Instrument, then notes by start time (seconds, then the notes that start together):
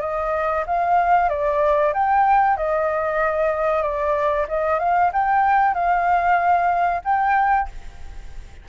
flute
0.00 D#5
0.66 F5
1.29 D5
1.93 G5
2.56 D#5
3.82 D5
4.48 D#5
4.79 F5
5.12 G5
5.74 F5
7.04 G5